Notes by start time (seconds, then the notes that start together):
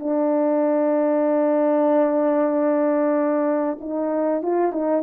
0.00 D4
3.81 D#4
4.43 F4
4.73 D#4